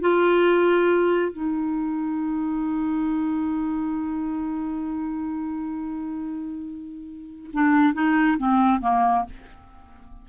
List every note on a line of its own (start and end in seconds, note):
0.00 1.32 F4
1.32 7.50 D#4
7.53 7.93 D4
7.93 8.37 D#4
8.38 8.81 C4
8.81 9.25 A#3